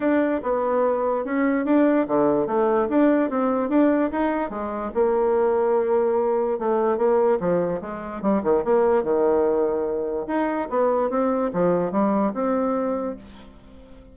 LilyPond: \new Staff \with { instrumentName = "bassoon" } { \time 4/4 \tempo 4 = 146 d'4 b2 cis'4 | d'4 d4 a4 d'4 | c'4 d'4 dis'4 gis4 | ais1 |
a4 ais4 f4 gis4 | g8 dis8 ais4 dis2~ | dis4 dis'4 b4 c'4 | f4 g4 c'2 | }